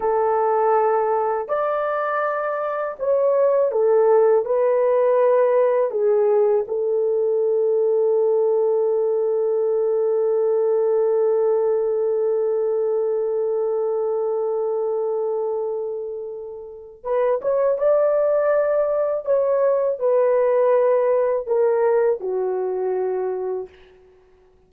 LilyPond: \new Staff \with { instrumentName = "horn" } { \time 4/4 \tempo 4 = 81 a'2 d''2 | cis''4 a'4 b'2 | gis'4 a'2.~ | a'1~ |
a'1~ | a'2. b'8 cis''8 | d''2 cis''4 b'4~ | b'4 ais'4 fis'2 | }